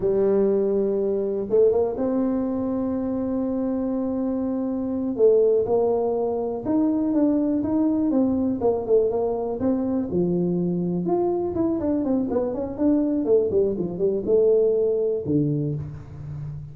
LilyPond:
\new Staff \with { instrumentName = "tuba" } { \time 4/4 \tempo 4 = 122 g2. a8 ais8 | c'1~ | c'2~ c'8 a4 ais8~ | ais4. dis'4 d'4 dis'8~ |
dis'8 c'4 ais8 a8 ais4 c'8~ | c'8 f2 f'4 e'8 | d'8 c'8 b8 cis'8 d'4 a8 g8 | f8 g8 a2 d4 | }